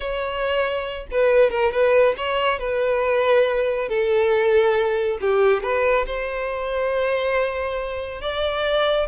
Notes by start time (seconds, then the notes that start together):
0.00 C#5
1.11 B4
1.50 A#4
1.71 B4
2.17 C#5
2.59 B4
3.88 A4
5.20 G4
5.62 B4
6.05 C5
8.21 D5